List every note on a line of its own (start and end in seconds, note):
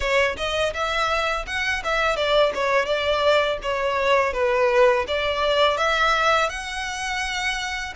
0.00 0.36 C#5
0.36 0.73 D#5
0.73 1.45 E5
1.46 1.82 F#5
1.83 2.16 E5
2.16 2.52 D5
2.54 2.86 C#5
2.86 3.58 D5
3.62 4.33 C#5
4.33 5.05 B4
5.07 5.77 D5
5.77 6.49 E5
6.49 7.93 F#5